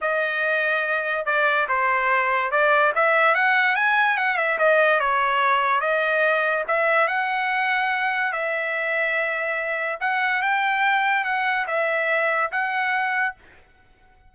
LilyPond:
\new Staff \with { instrumentName = "trumpet" } { \time 4/4 \tempo 4 = 144 dis''2. d''4 | c''2 d''4 e''4 | fis''4 gis''4 fis''8 e''8 dis''4 | cis''2 dis''2 |
e''4 fis''2. | e''1 | fis''4 g''2 fis''4 | e''2 fis''2 | }